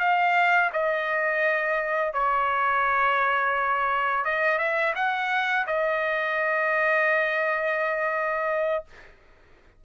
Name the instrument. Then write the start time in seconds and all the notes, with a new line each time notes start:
trumpet
0.00 F5
0.73 D#5
2.14 C#5
4.25 D#5
4.59 E5
4.96 F#5
5.67 D#5